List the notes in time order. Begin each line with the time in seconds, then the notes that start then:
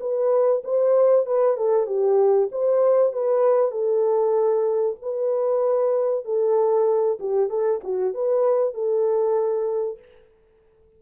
0.00 B4
0.64 C5
1.26 B4
1.57 A4
1.87 G4
2.52 C5
3.13 B4
3.72 A4
5.02 B4
6.25 A4
7.20 G4
7.50 A4
7.84 F#4
8.14 B4
8.74 A4